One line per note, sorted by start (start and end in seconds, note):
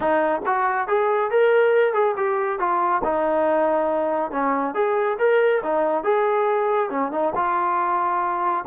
0.00 0.41 D#4
0.46 0.87 F#4
0.87 1.30 G#4
1.30 1.93 A#4
1.93 2.15 G#4
2.16 2.59 G4
2.59 3.02 F4
3.04 4.31 D#4
4.31 4.74 C#4
4.74 5.17 G#4
5.18 5.62 A#4
5.63 6.03 D#4
6.03 6.89 G#4
6.89 7.11 C#4
7.11 7.33 D#4
7.35 8.64 F4